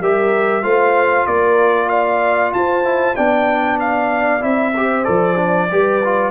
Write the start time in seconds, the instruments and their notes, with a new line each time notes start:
0.00 tuba G3, trombone G4, horn A#4, trumpet E5
0.62 tuba A3, trombone F4, horn C5, trumpet F5
1.26 tuba A#3, horn A#4, trumpet D5
1.89 horn D5, trumpet F5
2.53 tuba F4, horn C5, trumpet A5
2.84 trombone E4
3.16 tuba B3, trombone D4, horn D5, trumpet G5
3.80 trumpet F5
4.41 tuba C4, trombone E4, trumpet E5
4.74 trombone G4, horn C5
5.04 tuba F3, trombone A4, trumpet D5
5.36 trombone D4
5.71 tuba G3, trombone G4, horn B4
6.04 trombone F4